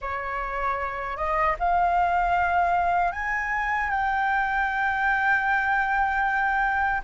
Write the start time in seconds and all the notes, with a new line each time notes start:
0.01 C#5
1.17 D#5
1.59 F5
3.12 G#5
3.90 G5